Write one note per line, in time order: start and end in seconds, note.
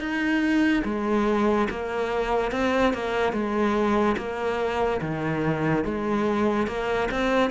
0.00 0.83 D#4
0.84 1.68 G#3
1.70 2.52 A#3
2.52 2.94 C4
2.94 3.33 A#3
3.33 4.16 G#3
4.17 5.00 A#3
5.01 5.84 D#3
5.84 6.67 G#3
6.67 7.09 A#3
7.11 7.51 C4